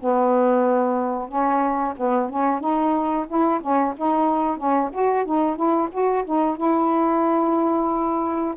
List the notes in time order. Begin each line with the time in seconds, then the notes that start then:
0.00 B3
1.28 C#4
1.97 B3
2.30 C#4
2.60 D#4
3.28 E4
3.61 C#4
3.97 D#4
4.57 C#4
4.92 F#4
5.25 D#4
5.56 E4
5.92 F#4
6.25 D#4
6.57 E4